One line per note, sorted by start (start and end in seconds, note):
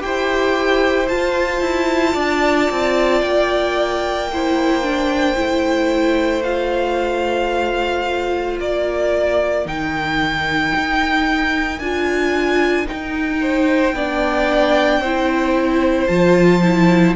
0.00 1.11 E4
0.00 1.07 G4
0.00 2.13 C5
0.00 1.08 G5
1.08 4.29 F4
1.08 1.61 F4
1.08 3.21 A5
1.61 2.14 E4
2.13 2.69 D4
2.13 4.28 D5
2.71 3.22 C4
3.21 5.36 A#3
3.21 6.43 G5
4.32 4.83 E4
4.32 8.60 C5
4.83 5.36 D4
5.36 8.58 A3
5.36 6.43 E4
6.43 9.65 F4
6.43 8.57 F5
8.58 9.66 A#3
8.58 13.41 A#4
8.58 9.67 D5
9.65 10.73 D#3
9.65 11.79 D#4
9.65 11.79 G5
10.76 11.79 D#4
11.79 12.86 D4
11.79 12.86 F4
11.79 12.86 G#5
12.86 13.93 D#4
12.86 16.06 G5
13.41 13.95 C5
13.93 14.99 B3
13.93 15.04 D4
13.93 15.01 D5
14.99 16.06 C4
14.99 16.08 E4
14.99 17.16 C5
16.06 17.16 F3
16.06 16.62 F4
16.06 17.13 A5
16.63 17.16 E4